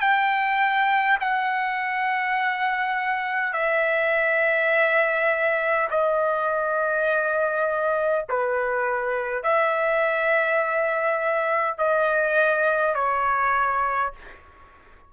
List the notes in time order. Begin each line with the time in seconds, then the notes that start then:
0.00 G5
1.20 F#5
3.53 E5
5.90 D#5
8.29 B4
9.43 E5
11.78 D#5
12.95 C#5